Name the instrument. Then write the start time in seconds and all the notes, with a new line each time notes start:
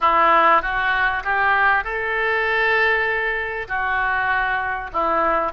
oboe
0.00 E4
0.62 F#4
1.23 G4
1.83 A4
3.67 F#4
4.93 E4